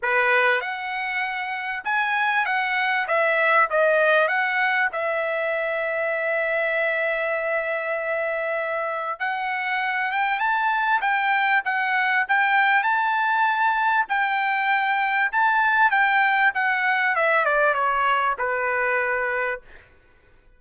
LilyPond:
\new Staff \with { instrumentName = "trumpet" } { \time 4/4 \tempo 4 = 98 b'4 fis''2 gis''4 | fis''4 e''4 dis''4 fis''4 | e''1~ | e''2. fis''4~ |
fis''8 g''8 a''4 g''4 fis''4 | g''4 a''2 g''4~ | g''4 a''4 g''4 fis''4 | e''8 d''8 cis''4 b'2 | }